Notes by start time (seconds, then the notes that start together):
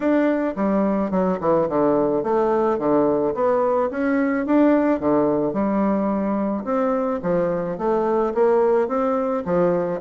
0.00 D4
0.56 G3
1.10 F#3
1.40 E3
1.68 D3
2.23 A3
2.78 D3
3.34 B3
3.90 C#4
4.45 D4
4.99 D3
5.53 G3
6.64 C4
7.22 F3
7.78 A3
8.34 A#3
8.88 C4
9.45 F3